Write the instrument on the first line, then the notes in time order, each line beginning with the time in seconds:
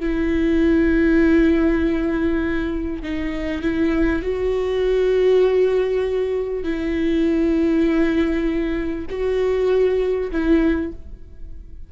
viola
0.00 E4
3.03 D#4
3.62 E4
4.23 F#4
6.63 E4
9.10 F#4
10.32 E4